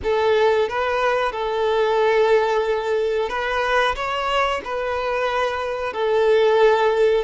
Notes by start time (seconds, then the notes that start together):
0.03 A4
0.68 B4
1.32 A4
3.29 B4
3.95 C#5
4.64 B4
5.93 A4